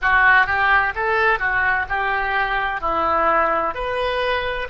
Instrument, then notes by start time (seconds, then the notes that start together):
oboe
0.01 F#4
0.46 G4
0.95 A4
1.38 F#4
1.88 G4
2.80 E4
3.74 B4